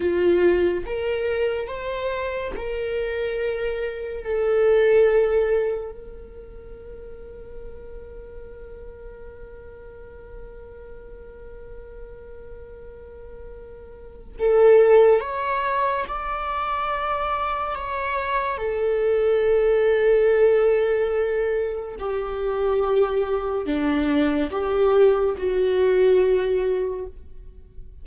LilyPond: \new Staff \with { instrumentName = "viola" } { \time 4/4 \tempo 4 = 71 f'4 ais'4 c''4 ais'4~ | ais'4 a'2 ais'4~ | ais'1~ | ais'1~ |
ais'4 a'4 cis''4 d''4~ | d''4 cis''4 a'2~ | a'2 g'2 | d'4 g'4 fis'2 | }